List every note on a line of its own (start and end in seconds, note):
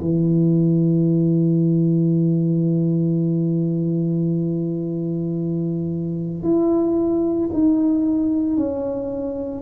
0.00 6.42 E3
6.42 7.50 E4
7.53 8.57 D#4
8.57 9.61 C#4